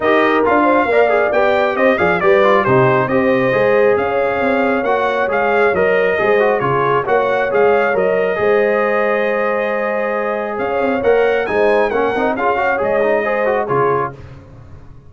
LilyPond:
<<
  \new Staff \with { instrumentName = "trumpet" } { \time 4/4 \tempo 4 = 136 dis''4 f''2 g''4 | dis''8 f''8 d''4 c''4 dis''4~ | dis''4 f''2 fis''4 | f''4 dis''2 cis''4 |
fis''4 f''4 dis''2~ | dis''1 | f''4 fis''4 gis''4 fis''4 | f''4 dis''2 cis''4 | }
  \new Staff \with { instrumentName = "horn" } { \time 4/4 ais'4. c''8 d''2 | c''8 d''8 b'4 g'4 c''4~ | c''4 cis''2.~ | cis''2 c''4 gis'4 |
cis''2. c''4~ | c''1 | cis''2 c''4 ais'4 | gis'8 cis''4. c''4 gis'4 | }
  \new Staff \with { instrumentName = "trombone" } { \time 4/4 g'4 f'4 ais'8 gis'8 g'4~ | g'8 gis'8 g'8 f'8 dis'4 g'4 | gis'2. fis'4 | gis'4 ais'4 gis'8 fis'8 f'4 |
fis'4 gis'4 ais'4 gis'4~ | gis'1~ | gis'4 ais'4 dis'4 cis'8 dis'8 | f'8 fis'8 gis'8 dis'8 gis'8 fis'8 f'4 | }
  \new Staff \with { instrumentName = "tuba" } { \time 4/4 dis'4 d'4 ais4 b4 | c'8 f8 g4 c4 c'4 | gis4 cis'4 c'4 ais4 | gis4 fis4 gis4 cis4 |
ais4 gis4 fis4 gis4~ | gis1 | cis'8 c'8 ais4 gis4 ais8 c'8 | cis'4 gis2 cis4 | }
>>